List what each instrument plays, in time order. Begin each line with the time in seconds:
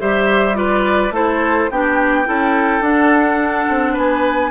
0.00 bassoon G3, clarinet G4, oboe C5, flute E5
0.54 clarinet F4, oboe B4, flute D5
1.11 bassoon A3, clarinet E4, oboe A4, flute C5
1.71 bassoon B3, clarinet D4, oboe G4, flute G5
2.25 bassoon C#4, clarinet E4, oboe A4
2.80 bassoon D4, clarinet D4, flute F#5
3.69 bassoon C4
3.93 bassoon B3, oboe B4, flute G#5